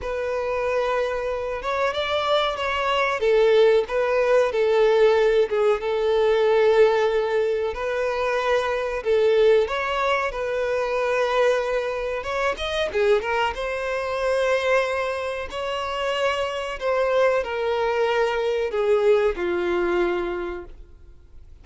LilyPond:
\new Staff \with { instrumentName = "violin" } { \time 4/4 \tempo 4 = 93 b'2~ b'8 cis''8 d''4 | cis''4 a'4 b'4 a'4~ | a'8 gis'8 a'2. | b'2 a'4 cis''4 |
b'2. cis''8 dis''8 | gis'8 ais'8 c''2. | cis''2 c''4 ais'4~ | ais'4 gis'4 f'2 | }